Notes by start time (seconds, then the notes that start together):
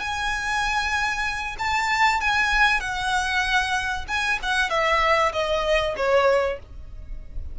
0.00 G#5
1.59 A5
2.20 G#5
2.80 F#5
4.08 G#5
4.43 F#5
4.70 E5
5.32 D#5
5.97 C#5